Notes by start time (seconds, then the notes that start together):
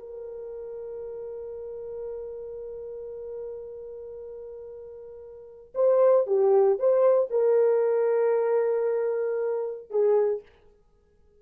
0.00 A#4
5.75 C5
6.27 G4
6.79 C5
7.30 A#4
9.91 G#4